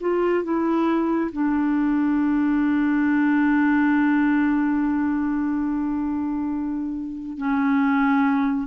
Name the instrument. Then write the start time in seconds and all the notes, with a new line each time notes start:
clarinet
0.00 F4
0.43 E4
1.32 D4
7.37 C#4